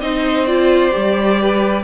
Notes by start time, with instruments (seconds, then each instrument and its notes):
0.00 cello C4, viola D#4, violin C5 D#5
0.46 viola F4, violin D5
0.91 cello G3, viola G4
1.41 violin B4